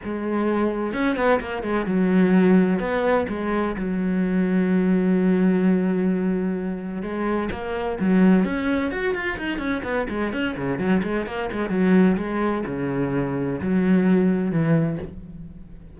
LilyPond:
\new Staff \with { instrumentName = "cello" } { \time 4/4 \tempo 4 = 128 gis2 cis'8 b8 ais8 gis8 | fis2 b4 gis4 | fis1~ | fis2. gis4 |
ais4 fis4 cis'4 fis'8 f'8 | dis'8 cis'8 b8 gis8 cis'8 cis8 fis8 gis8 | ais8 gis8 fis4 gis4 cis4~ | cis4 fis2 e4 | }